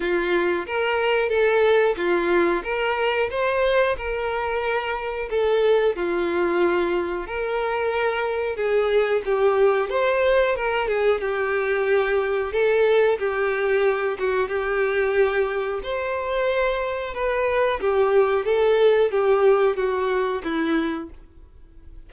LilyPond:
\new Staff \with { instrumentName = "violin" } { \time 4/4 \tempo 4 = 91 f'4 ais'4 a'4 f'4 | ais'4 c''4 ais'2 | a'4 f'2 ais'4~ | ais'4 gis'4 g'4 c''4 |
ais'8 gis'8 g'2 a'4 | g'4. fis'8 g'2 | c''2 b'4 g'4 | a'4 g'4 fis'4 e'4 | }